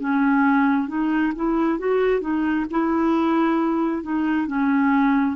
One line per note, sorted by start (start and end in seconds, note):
0.00 0.88 C#4
0.88 1.33 D#4
1.36 1.79 E4
1.79 2.21 F#4
2.21 2.66 D#4
2.71 4.03 E4
4.03 4.47 D#4
4.47 5.36 C#4